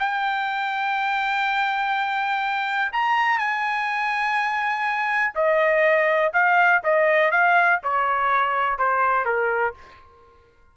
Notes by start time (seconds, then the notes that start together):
0.00 G5
2.93 A#5
3.39 G#5
5.35 D#5
6.34 F5
6.84 D#5
7.32 F5
7.84 C#5
8.79 C5
9.26 A#4